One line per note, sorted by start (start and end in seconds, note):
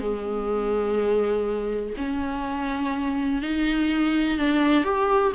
0.00 1.94 G#3
1.97 3.42 C#4
3.42 4.38 D#4
4.38 4.84 D4
4.84 5.32 G4